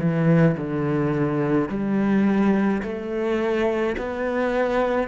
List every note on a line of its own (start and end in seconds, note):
0.00 0.57 E3
0.58 1.69 D3
1.69 2.83 G3
2.83 3.96 A3
3.98 5.08 B3